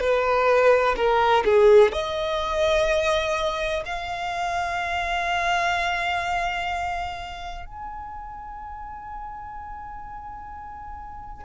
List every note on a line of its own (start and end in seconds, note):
0.00 0.95 B4
0.96 1.44 A#4
1.45 1.92 G#4
1.92 3.83 D#5
3.85 7.65 F5
7.65 11.44 G#5